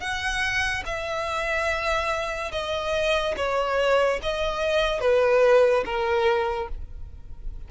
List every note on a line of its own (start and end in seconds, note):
0.00 0.83 F#5
0.86 2.52 E5
2.52 3.35 D#5
3.37 4.20 C#5
4.22 5.00 D#5
5.00 5.84 B4
5.85 6.69 A#4